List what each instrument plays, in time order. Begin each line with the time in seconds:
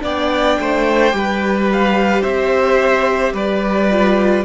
0.00 cello B3, viola D4, violin D5 G5
0.59 cello A3, violin C5
1.11 cello G3, viola G4
1.18 violin B4
1.72 violin F5
2.22 cello C4, violin C5 E5
3.33 cello G3, violin B4 D5
3.91 viola F4